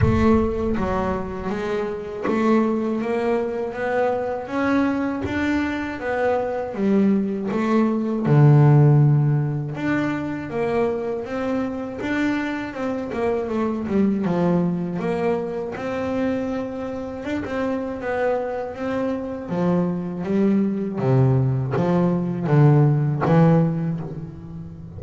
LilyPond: \new Staff \with { instrumentName = "double bass" } { \time 4/4 \tempo 4 = 80 a4 fis4 gis4 a4 | ais4 b4 cis'4 d'4 | b4 g4 a4 d4~ | d4 d'4 ais4 c'4 |
d'4 c'8 ais8 a8 g8 f4 | ais4 c'2 d'16 c'8. | b4 c'4 f4 g4 | c4 f4 d4 e4 | }